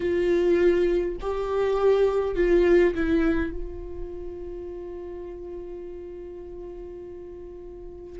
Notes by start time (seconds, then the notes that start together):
0.00 F4
1.20 G4
2.35 F4
2.94 E4
3.52 F4